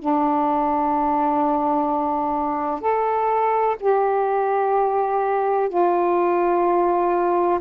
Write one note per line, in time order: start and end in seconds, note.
0.00 2.81 D4
2.81 3.77 A4
3.81 5.69 G4
5.69 7.60 F4